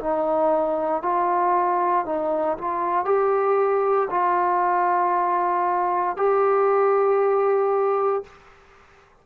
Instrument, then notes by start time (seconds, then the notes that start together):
trombone
0.00 D#4
1.02 F4
2.05 D#4
2.58 F4
3.05 G4
4.10 F4
6.16 G4